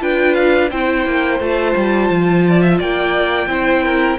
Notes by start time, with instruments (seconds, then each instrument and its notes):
0.00 cello D4, viola F4, violin B4 G5
0.34 violin F5
0.71 cello C4, viola E4, violin C5 G5
1.06 cello A#3
1.40 cello A3, viola F4, violin A5
1.76 cello G3
2.10 cello F3
2.48 violin D5
2.62 violin E5
2.78 cello A#3, violin D5 G5
3.47 cello C4, viola E4, violin C5
3.84 violin A#4